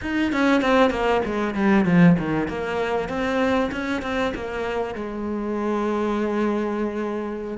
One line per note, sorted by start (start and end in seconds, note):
0.01 0.32 D#4
0.32 0.61 C#4
0.61 0.90 C4
0.90 1.21 A#3
1.25 1.54 G#3
1.54 1.85 G3
1.85 2.16 F3
2.18 2.47 D#3
2.47 3.08 A#3
3.08 3.70 C4
3.71 4.02 C#4
4.02 4.33 C4
4.34 4.94 A#3
4.94 7.57 G#3